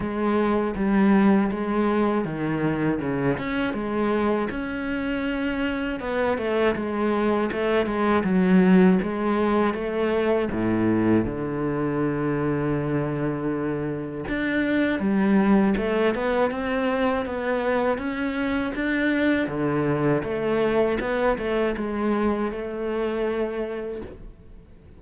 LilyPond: \new Staff \with { instrumentName = "cello" } { \time 4/4 \tempo 4 = 80 gis4 g4 gis4 dis4 | cis8 cis'8 gis4 cis'2 | b8 a8 gis4 a8 gis8 fis4 | gis4 a4 a,4 d4~ |
d2. d'4 | g4 a8 b8 c'4 b4 | cis'4 d'4 d4 a4 | b8 a8 gis4 a2 | }